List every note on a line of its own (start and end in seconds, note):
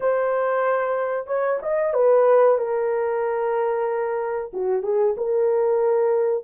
0.00 1.26 C5
1.26 1.59 C#5
1.62 1.93 D#5
1.93 2.57 B4
2.58 4.51 A#4
4.53 4.82 F#4
4.82 5.15 G#4
5.17 6.43 A#4